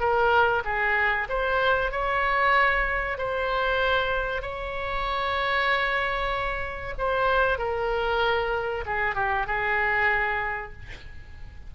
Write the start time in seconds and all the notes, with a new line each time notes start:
0.00 A#4
0.65 G#4
1.29 C5
1.91 C#5
3.18 C5
4.42 C#5
6.98 C5
7.58 A#4
8.86 G#4
9.15 G4
9.47 G#4